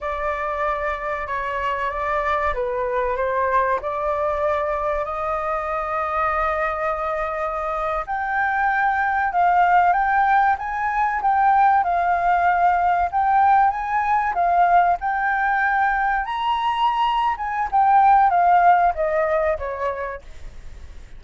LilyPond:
\new Staff \with { instrumentName = "flute" } { \time 4/4 \tempo 4 = 95 d''2 cis''4 d''4 | b'4 c''4 d''2 | dis''1~ | dis''8. g''2 f''4 g''16~ |
g''8. gis''4 g''4 f''4~ f''16~ | f''8. g''4 gis''4 f''4 g''16~ | g''4.~ g''16 ais''4.~ ais''16 gis''8 | g''4 f''4 dis''4 cis''4 | }